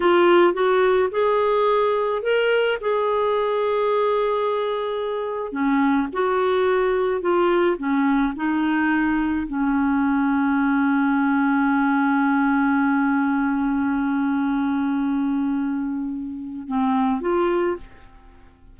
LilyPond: \new Staff \with { instrumentName = "clarinet" } { \time 4/4 \tempo 4 = 108 f'4 fis'4 gis'2 | ais'4 gis'2.~ | gis'2 cis'4 fis'4~ | fis'4 f'4 cis'4 dis'4~ |
dis'4 cis'2.~ | cis'1~ | cis'1~ | cis'2 c'4 f'4 | }